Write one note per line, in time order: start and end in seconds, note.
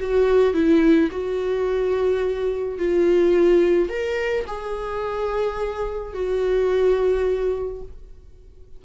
0.00 0.54 F#4
0.54 1.10 E4
1.11 2.79 F#4
2.79 3.89 F4
3.89 4.46 A#4
4.48 6.14 G#4
6.14 7.82 F#4